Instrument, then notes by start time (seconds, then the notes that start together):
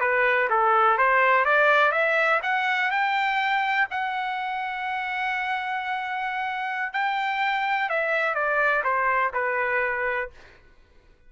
trumpet
0.00 B4
0.50 A4
0.98 C5
1.45 D5
1.92 E5
2.43 F#5
2.91 G5
3.91 F#5
6.93 G5
7.89 E5
8.34 D5
8.84 C5
9.33 B4